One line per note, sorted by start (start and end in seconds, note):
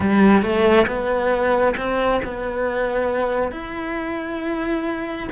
0.00 0.42 G3
0.42 0.86 A3
0.87 1.75 B3
1.76 2.21 C4
2.24 3.51 B3
3.51 5.27 E4